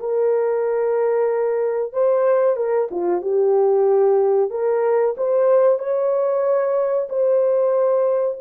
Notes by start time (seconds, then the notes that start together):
0.00 A#4
1.93 C5
2.57 A#4
2.91 F4
3.22 G4
4.51 A#4
5.18 C5
5.79 C#5
7.09 C5